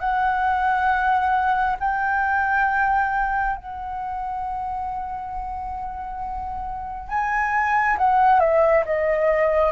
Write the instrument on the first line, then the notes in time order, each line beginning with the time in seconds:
flute
0.00 F#5
1.80 G5
3.57 F#5
7.09 G#5
7.98 F#5
8.40 E5
8.86 D#5